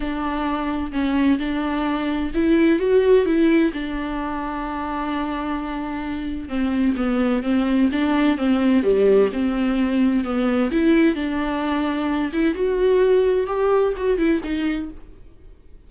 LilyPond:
\new Staff \with { instrumentName = "viola" } { \time 4/4 \tempo 4 = 129 d'2 cis'4 d'4~ | d'4 e'4 fis'4 e'4 | d'1~ | d'2 c'4 b4 |
c'4 d'4 c'4 g4 | c'2 b4 e'4 | d'2~ d'8 e'8 fis'4~ | fis'4 g'4 fis'8 e'8 dis'4 | }